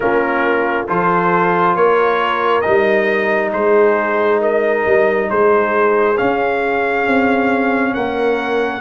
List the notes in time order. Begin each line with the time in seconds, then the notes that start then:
0.00 A#3 C#4 F4 A#4
0.87 F3 F4 A4 C5
1.75 A#3 A#4 C#5
2.61 D#4 D#5
2.67 G3
3.52 G#3 G#4 C5
4.40 A#4 D#5
4.85 G3
5.29 G#3 G#4 C5
6.17 C#4 F5
7.07 C4
7.93 A#3 A#4 F#5